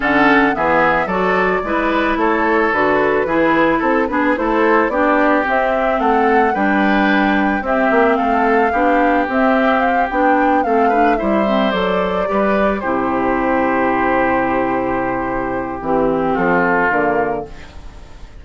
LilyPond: <<
  \new Staff \with { instrumentName = "flute" } { \time 4/4 \tempo 4 = 110 fis''4 e''4 d''2 | cis''4 b'2 a'8 b'8 | c''4 d''4 e''4 fis''4 | g''2 e''4 f''4~ |
f''4 e''4 f''8 g''4 f''8~ | f''8 e''4 d''2 c''8~ | c''1~ | c''4 g'4 a'4 ais'4 | }
  \new Staff \with { instrumentName = "oboe" } { \time 4/4 a'4 gis'4 a'4 b'4 | a'2 gis'4 a'8 gis'8 | a'4 g'2 a'4 | b'2 g'4 a'4 |
g'2.~ g'8 a'8 | b'8 c''2 b'4 g'8~ | g'1~ | g'2 f'2 | }
  \new Staff \with { instrumentName = "clarinet" } { \time 4/4 cis'4 b4 fis'4 e'4~ | e'4 fis'4 e'4. d'8 | e'4 d'4 c'2 | d'2 c'2 |
d'4 c'4. d'4 c'8 | d'8 e'8 c'8 a'4 g'4 e'8~ | e'1~ | e'4 c'2 ais4 | }
  \new Staff \with { instrumentName = "bassoon" } { \time 4/4 d4 e4 fis4 gis4 | a4 d4 e4 c'8 b8 | a4 b4 c'4 a4 | g2 c'8 ais8 a4 |
b4 c'4. b4 a8~ | a8 g4 fis4 g4 c8~ | c1~ | c4 e4 f4 d4 | }
>>